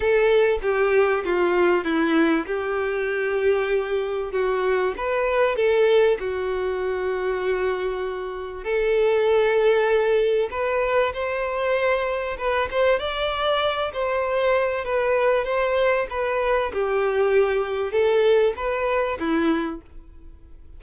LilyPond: \new Staff \with { instrumentName = "violin" } { \time 4/4 \tempo 4 = 97 a'4 g'4 f'4 e'4 | g'2. fis'4 | b'4 a'4 fis'2~ | fis'2 a'2~ |
a'4 b'4 c''2 | b'8 c''8 d''4. c''4. | b'4 c''4 b'4 g'4~ | g'4 a'4 b'4 e'4 | }